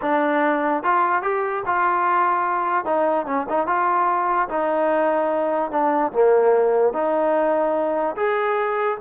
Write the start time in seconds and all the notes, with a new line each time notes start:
0.01 D4
0.83 F4
1.22 G4
1.65 F4
2.85 D#4
3.26 C#4
3.49 D#4
3.66 F4
4.48 D#4
5.71 D4
6.12 A#3
6.93 D#4
8.16 G#4